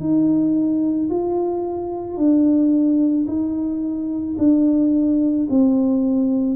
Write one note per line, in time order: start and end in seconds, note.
0.00 1.09 D#4
1.10 2.17 F4
2.17 3.26 D4
3.28 4.37 D#4
4.38 5.47 D4
5.50 6.56 C4